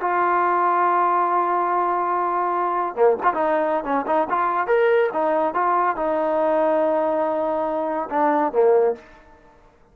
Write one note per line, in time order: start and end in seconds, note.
0.00 2.96 F4
2.96 3.17 A#3
3.22 3.33 F4
3.33 3.84 D#4
3.84 4.05 C#4
4.06 4.27 D#4
4.29 4.67 F4
4.67 5.09 A#4
5.13 5.54 D#4
5.54 5.96 F4
5.96 8.09 D#4
8.10 8.52 D4
8.52 8.95 A#3